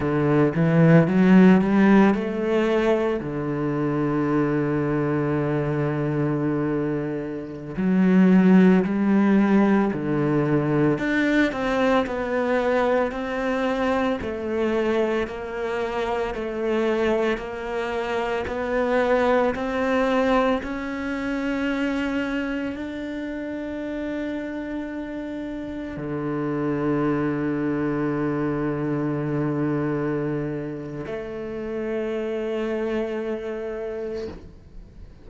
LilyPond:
\new Staff \with { instrumentName = "cello" } { \time 4/4 \tempo 4 = 56 d8 e8 fis8 g8 a4 d4~ | d2.~ d16 fis8.~ | fis16 g4 d4 d'8 c'8 b8.~ | b16 c'4 a4 ais4 a8.~ |
a16 ais4 b4 c'4 cis'8.~ | cis'4~ cis'16 d'2~ d'8.~ | d'16 d2.~ d8.~ | d4 a2. | }